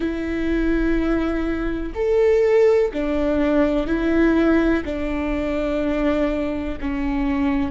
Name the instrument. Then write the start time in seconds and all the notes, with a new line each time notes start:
viola
0.00 E4
1.94 A4
2.93 D4
3.87 E4
4.84 D4
6.80 C#4